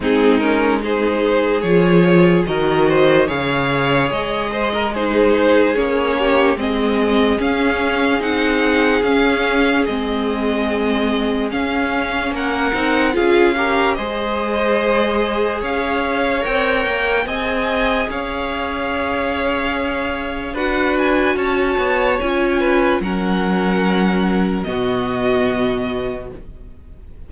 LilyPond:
<<
  \new Staff \with { instrumentName = "violin" } { \time 4/4 \tempo 4 = 73 gis'8 ais'8 c''4 cis''4 dis''4 | f''4 dis''4 c''4 cis''4 | dis''4 f''4 fis''4 f''4 | dis''2 f''4 fis''4 |
f''4 dis''2 f''4 | g''4 gis''4 f''2~ | f''4 fis''8 gis''8 a''4 gis''4 | fis''2 dis''2 | }
  \new Staff \with { instrumentName = "violin" } { \time 4/4 dis'4 gis'2 ais'8 c''8 | cis''4. c''16 ais'16 gis'4. g'8 | gis'1~ | gis'2. ais'4 |
gis'8 ais'8 c''2 cis''4~ | cis''4 dis''4 cis''2~ | cis''4 b'4 cis''4. b'8 | ais'2 fis'2 | }
  \new Staff \with { instrumentName = "viola" } { \time 4/4 c'8 cis'8 dis'4 f'4 fis'4 | gis'2 dis'4 cis'4 | c'4 cis'4 dis'4 cis'4 | c'2 cis'4. dis'8 |
f'8 g'8 gis'2. | ais'4 gis'2.~ | gis'4 fis'2 f'4 | cis'2 b2 | }
  \new Staff \with { instrumentName = "cello" } { \time 4/4 gis2 f4 dis4 | cis4 gis2 ais4 | gis4 cis'4 c'4 cis'4 | gis2 cis'4 ais8 c'8 |
cis'4 gis2 cis'4 | c'8 ais8 c'4 cis'2~ | cis'4 d'4 cis'8 b8 cis'4 | fis2 b,2 | }
>>